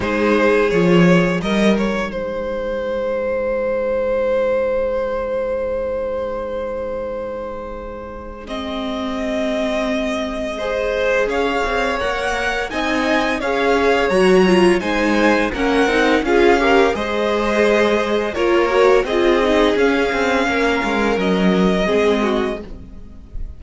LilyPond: <<
  \new Staff \with { instrumentName = "violin" } { \time 4/4 \tempo 4 = 85 c''4 cis''4 dis''8 cis''8 c''4~ | c''1~ | c''1 | dis''1 |
f''4 fis''4 gis''4 f''4 | ais''4 gis''4 fis''4 f''4 | dis''2 cis''4 dis''4 | f''2 dis''2 | }
  \new Staff \with { instrumentName = "violin" } { \time 4/4 gis'2 ais'4 gis'4~ | gis'1~ | gis'1~ | gis'2. c''4 |
cis''2 dis''4 cis''4~ | cis''4 c''4 ais'4 gis'8 ais'8 | c''2 ais'4 gis'4~ | gis'4 ais'2 gis'8 fis'8 | }
  \new Staff \with { instrumentName = "viola" } { \time 4/4 dis'4 f'4 dis'2~ | dis'1~ | dis'1 | c'2. gis'4~ |
gis'4 ais'4 dis'4 gis'4 | fis'8 f'8 dis'4 cis'8 dis'8 f'8 g'8 | gis'2 f'8 fis'8 f'8 dis'8 | cis'2. c'4 | }
  \new Staff \with { instrumentName = "cello" } { \time 4/4 gis4 f4 g4 gis4~ | gis1~ | gis1~ | gis1 |
cis'8 c'8 ais4 c'4 cis'4 | fis4 gis4 ais8 c'8 cis'4 | gis2 ais4 c'4 | cis'8 c'8 ais8 gis8 fis4 gis4 | }
>>